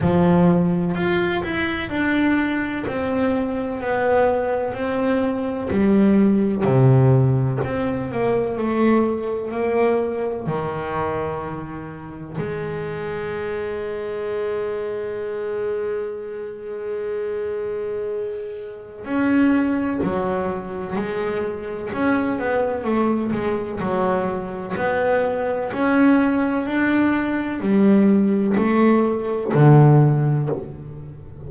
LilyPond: \new Staff \with { instrumentName = "double bass" } { \time 4/4 \tempo 4 = 63 f4 f'8 e'8 d'4 c'4 | b4 c'4 g4 c4 | c'8 ais8 a4 ais4 dis4~ | dis4 gis2.~ |
gis1 | cis'4 fis4 gis4 cis'8 b8 | a8 gis8 fis4 b4 cis'4 | d'4 g4 a4 d4 | }